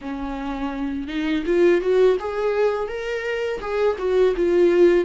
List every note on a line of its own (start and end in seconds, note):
0.01 1.07 C#4
1.07 1.44 D#4
1.46 1.81 F4
1.81 2.17 F#4
2.19 2.88 G#4
2.88 3.60 A#4
3.60 3.97 G#4
3.98 4.34 F#4
4.36 5.04 F4